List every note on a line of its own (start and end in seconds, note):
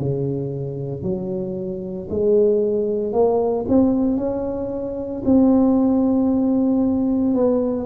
0.00 1.03 C#3
1.03 2.08 F#3
2.11 3.13 G#3
3.13 3.66 A#3
3.69 4.18 C4
4.18 5.23 C#4
5.25 7.34 C4
7.34 7.87 B3